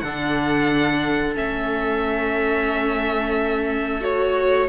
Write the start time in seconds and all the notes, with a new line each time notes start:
0.00 D3 D4 A4 F#5
1.35 A3 C#4 E5
4.01 F#4 C#5